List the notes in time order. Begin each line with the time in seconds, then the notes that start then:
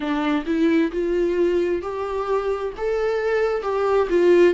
0.00 D4
0.45 E4
0.91 F4
1.82 G4
2.77 A4
3.62 G4
4.09 F4